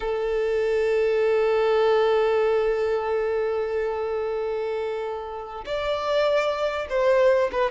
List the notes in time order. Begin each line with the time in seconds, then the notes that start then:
0.00 A4
5.65 D5
6.89 C5
7.51 B4